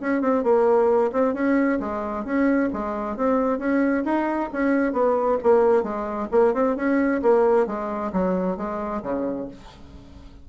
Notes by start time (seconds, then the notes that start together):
0.00 C#4
0.21 C4
0.43 A#3
1.12 C4
1.34 C#4
1.80 G#3
2.24 C#4
2.73 G#3
3.16 C4
3.58 C#4
4.04 D#4
4.53 C#4
4.92 B3
5.43 A#3
5.83 G#3
6.31 A#3
6.54 C4
6.76 C#4
7.22 A#3
7.66 G#3
8.12 F#3
8.57 G#3
9.02 C#3